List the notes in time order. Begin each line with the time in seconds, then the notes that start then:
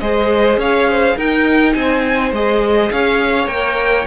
0.00 G#3 G#4 C5 D#5
0.57 C#4 C#5 F5
0.89 C5
1.16 D#4 A#4 G5
1.73 C4 C5 G#5
2.32 G#3 G#4 D#5
2.91 C#4 C#5 F5
3.47 A#3 A#4 G5